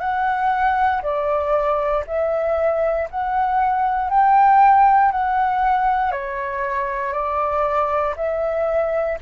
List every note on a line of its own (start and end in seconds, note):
0.00 1.02 F#5
1.03 2.04 D5
2.07 3.09 E5
3.11 4.10 F#5
4.10 5.12 G5
5.12 6.12 F#5
6.12 7.13 C#5
7.13 8.15 D5
8.17 9.18 E5